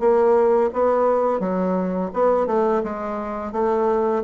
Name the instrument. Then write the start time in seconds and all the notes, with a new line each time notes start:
bassoon
0.00 A#3
0.73 B3
1.40 F#3
2.14 B3
2.47 A3
2.84 G#3
3.53 A3